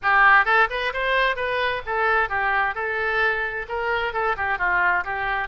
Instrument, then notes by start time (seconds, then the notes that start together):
oboe
0.02 G4
0.45 A4
0.70 B4
0.93 C5
1.36 B4
1.86 A4
2.29 G4
2.74 A4
3.68 A#4
4.13 A4
4.37 G4
4.58 F4
5.04 G4